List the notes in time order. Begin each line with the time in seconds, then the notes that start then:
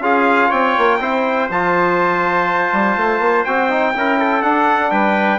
0.00 C#4 F4 G#4 F5
0.49 C4 C#5 G5
0.78 A#3
1.00 C4 E4 C5
1.50 F3 F4 A5
2.73 G3
2.97 A3
3.20 A#3
3.45 C4 F#4 G5
3.70 D#4
3.95 C#4 E4 A#4
4.18 A4
4.43 D4 F#5
4.91 G3 B4 G5